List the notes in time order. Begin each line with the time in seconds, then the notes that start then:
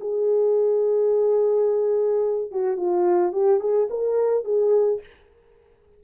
0.00 G#4
2.51 F#4
2.77 F4
3.32 G4
3.60 G#4
3.90 A#4
4.44 G#4